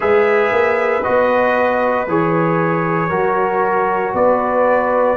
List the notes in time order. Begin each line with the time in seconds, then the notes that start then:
0.00 G#3 G#4 B4 E5
0.51 A#3
1.03 B3 F#4 D#5
2.07 E3 G#4 C#5
3.09 F#3 F#4 A#4
4.13 B3 B4 D5